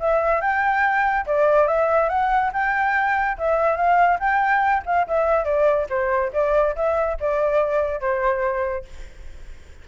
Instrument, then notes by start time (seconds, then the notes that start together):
flute
0.00 E5
0.41 G5
1.26 D5
1.68 E5
2.09 F#5
2.53 G5
3.38 E5
3.77 F5
4.20 G5
4.86 F5
5.08 E5
5.45 D5
5.90 C5
6.33 D5
6.76 E5
7.21 D5
8.01 C5